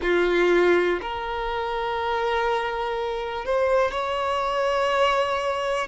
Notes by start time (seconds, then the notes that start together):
0.01 F4
1.01 A#4
3.45 C5
3.91 C#5